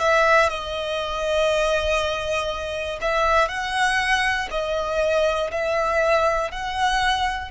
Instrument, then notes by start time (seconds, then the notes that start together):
violin
0.00 E5
0.49 D#5
3.01 E5
3.48 F#5
4.50 D#5
5.51 E5
6.51 F#5